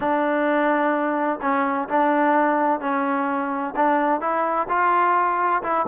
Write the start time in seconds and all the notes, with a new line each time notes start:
0.00 D4
1.41 C#4
1.89 D4
2.80 C#4
3.76 D4
4.20 E4
4.68 F4
5.62 E4